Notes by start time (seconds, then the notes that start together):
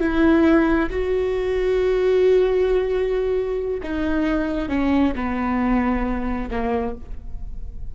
0.00 E4
0.90 F#4
3.83 D#4
4.69 C#4
5.15 B3
6.50 A#3